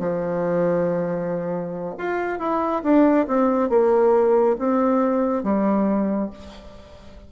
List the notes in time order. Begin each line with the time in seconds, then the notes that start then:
0.00 F3
1.98 F4
2.39 E4
2.84 D4
3.28 C4
3.70 A#3
4.59 C4
5.43 G3